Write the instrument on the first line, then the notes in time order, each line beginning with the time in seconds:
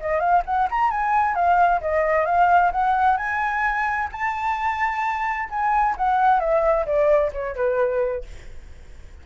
flute
0.00 D#5
0.19 F5
0.45 F#5
0.70 A#5
0.90 G#5
1.34 F5
1.81 D#5
2.25 F5
2.71 F#5
3.17 G#5
4.11 A5
5.49 G#5
5.97 F#5
6.40 E5
6.85 D5
7.32 C#5
7.55 B4